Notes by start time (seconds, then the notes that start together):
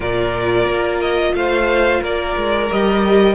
0.00 A#2 F4 A#4 D5
0.65 A#3
1.00 D#5
1.33 A3 C5 F5
2.01 A#3 A#4 D5
2.36 G#3
2.70 G3 G4 D#5